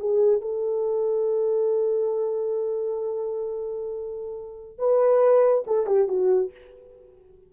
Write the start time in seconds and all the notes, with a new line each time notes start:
0.00 G#4
0.41 A4
4.79 B4
5.67 A4
5.87 G4
6.09 F#4